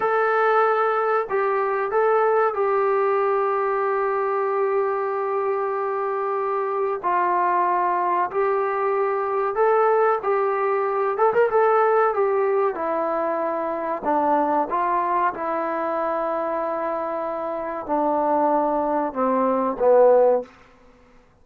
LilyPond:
\new Staff \with { instrumentName = "trombone" } { \time 4/4 \tempo 4 = 94 a'2 g'4 a'4 | g'1~ | g'2. f'4~ | f'4 g'2 a'4 |
g'4. a'16 ais'16 a'4 g'4 | e'2 d'4 f'4 | e'1 | d'2 c'4 b4 | }